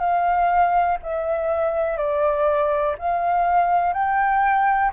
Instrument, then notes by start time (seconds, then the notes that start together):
flute
0.00 F5
1.03 E5
1.98 D5
2.99 F5
3.93 G5